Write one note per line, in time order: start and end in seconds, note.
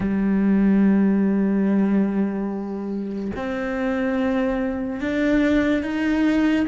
0.00 3.31 G3
3.35 5.00 C4
5.00 5.82 D4
5.82 6.66 D#4